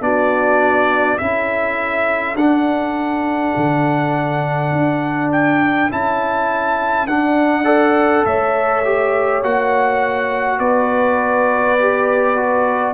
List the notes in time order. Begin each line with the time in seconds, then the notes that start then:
0.00 B3 D4 F#4 D5
1.18 C#4 E4 A4 E5
2.34 D4 F#5
3.56 D3
4.72 D4
5.32 G5
5.90 C#4 E4 A5
7.06 D4 F#5
7.64 A4 D5
8.25 A3 C#5 E5
8.84 G4
9.43 A#3 F#4 F#5
10.58 B3 B4 D5
11.79 G4
12.36 F#4